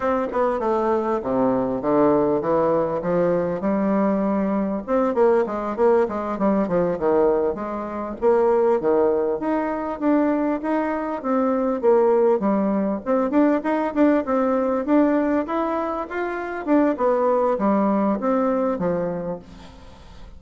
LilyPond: \new Staff \with { instrumentName = "bassoon" } { \time 4/4 \tempo 4 = 99 c'8 b8 a4 c4 d4 | e4 f4 g2 | c'8 ais8 gis8 ais8 gis8 g8 f8 dis8~ | dis8 gis4 ais4 dis4 dis'8~ |
dis'8 d'4 dis'4 c'4 ais8~ | ais8 g4 c'8 d'8 dis'8 d'8 c'8~ | c'8 d'4 e'4 f'4 d'8 | b4 g4 c'4 f4 | }